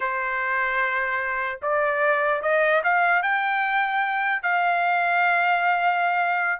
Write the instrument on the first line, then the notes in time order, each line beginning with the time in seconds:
trumpet
0.00 C5
1.62 D5
2.42 D#5
2.83 F5
3.22 G5
4.42 F5